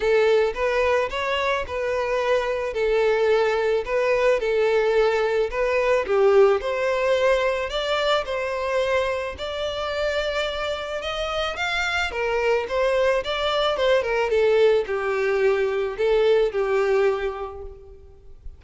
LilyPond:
\new Staff \with { instrumentName = "violin" } { \time 4/4 \tempo 4 = 109 a'4 b'4 cis''4 b'4~ | b'4 a'2 b'4 | a'2 b'4 g'4 | c''2 d''4 c''4~ |
c''4 d''2. | dis''4 f''4 ais'4 c''4 | d''4 c''8 ais'8 a'4 g'4~ | g'4 a'4 g'2 | }